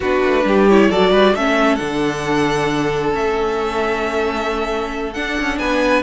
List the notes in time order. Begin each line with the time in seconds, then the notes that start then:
0.00 B3 D4 F#4 B4
0.24 A3
0.44 G3 G4
0.68 E4 C#5
0.89 F#3 F#4 A4 D5
1.10 G3 B4
1.34 A3 C#4 A4 E5
1.75 D3 D4 F#5
3.11 A3 C#4 E5
5.13 D4 F#5
5.39 C#4
5.58 B3 B4 G#5